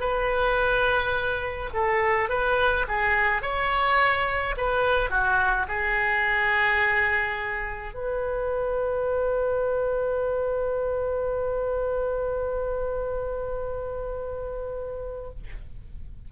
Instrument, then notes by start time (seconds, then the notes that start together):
oboe
0.00 B4
1.73 A4
2.29 B4
2.88 G#4
3.42 C#5
4.57 B4
5.09 F#4
5.68 G#4
7.94 B4